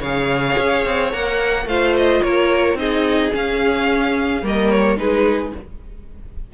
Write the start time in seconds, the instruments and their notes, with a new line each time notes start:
0.00 cello C#3, viola G#4, violin C#5 F5
0.58 cello C#4
0.86 cello C4
1.12 cello A#3, viola A#4, violin F#5
1.66 cello A3, viola F4, violin C5 F5
1.97 violin D#5
2.23 cello A#3, violin A#4 C#5
2.74 cello C4, viola D#4, violin G#4 D#5
3.32 viola C#4, cello C#4, violin F5
4.42 cello G3, viola A#3, violin A#4 D#5
4.71 violin C#5
4.97 cello G#3, viola D#4, violin G#4 B4